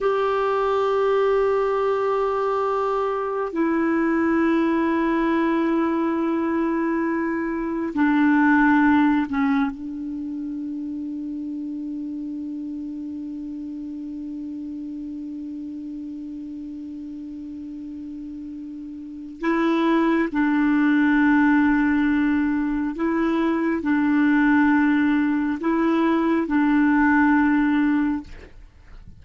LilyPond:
\new Staff \with { instrumentName = "clarinet" } { \time 4/4 \tempo 4 = 68 g'1 | e'1~ | e'4 d'4. cis'8 d'4~ | d'1~ |
d'1~ | d'2 e'4 d'4~ | d'2 e'4 d'4~ | d'4 e'4 d'2 | }